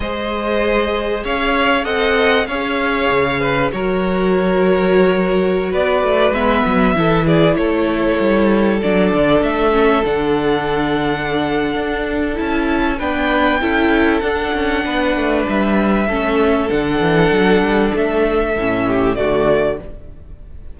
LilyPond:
<<
  \new Staff \with { instrumentName = "violin" } { \time 4/4 \tempo 4 = 97 dis''2 f''4 fis''4 | f''2 cis''2~ | cis''4~ cis''16 d''4 e''4. d''16~ | d''16 cis''2 d''4 e''8.~ |
e''16 fis''2.~ fis''8. | a''4 g''2 fis''4~ | fis''4 e''2 fis''4~ | fis''4 e''2 d''4 | }
  \new Staff \with { instrumentName = "violin" } { \time 4/4 c''2 cis''4 dis''4 | cis''4. b'8 ais'2~ | ais'4~ ais'16 b'2 a'8 gis'16~ | gis'16 a'2.~ a'8.~ |
a'1~ | a'4 b'4 a'2 | b'2 a'2~ | a'2~ a'8 g'8 fis'4 | }
  \new Staff \with { instrumentName = "viola" } { \time 4/4 gis'2. a'4 | gis'2 fis'2~ | fis'2~ fis'16 b4 e'8.~ | e'2~ e'16 d'4. cis'16~ |
cis'16 d'2.~ d'8. | e'4 d'4 e'4 d'4~ | d'2 cis'4 d'4~ | d'2 cis'4 a4 | }
  \new Staff \with { instrumentName = "cello" } { \time 4/4 gis2 cis'4 c'4 | cis'4 cis4 fis2~ | fis4~ fis16 b8 a8 gis8 fis8 e8.~ | e16 a4 g4 fis8 d8 a8.~ |
a16 d2~ d8. d'4 | cis'4 b4 cis'4 d'8 cis'8 | b8 a8 g4 a4 d8 e8 | fis8 g8 a4 a,4 d4 | }
>>